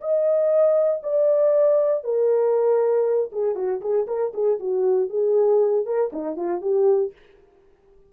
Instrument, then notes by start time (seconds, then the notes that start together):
horn
0.00 D#5
1.03 D5
2.03 A#4
3.32 G#4
3.55 F#4
3.81 G#4
4.07 A#4
4.33 G#4
4.59 F#4
5.09 G#4
5.85 A#4
6.12 D#4
6.36 F4
6.61 G4